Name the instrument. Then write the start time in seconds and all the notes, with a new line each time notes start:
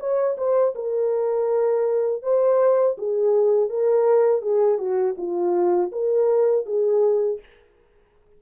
horn
0.00 C#5
0.38 C5
0.75 A#4
2.23 C5
2.98 G#4
3.70 A#4
4.42 G#4
4.78 F#4
5.18 F4
5.92 A#4
6.66 G#4